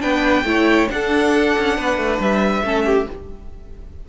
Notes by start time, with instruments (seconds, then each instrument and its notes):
0.00 cello B3, viola D4, violin B4 G5
0.44 cello A3, viola E4, violin C#5
0.88 viola D4, cello D4, violin A4 F#5
1.58 cello C#4
1.77 cello B3, violin B4
1.97 cello A3
2.20 cello G3, violin E5
2.62 cello A3, viola C#4, violin A4
2.86 violin G4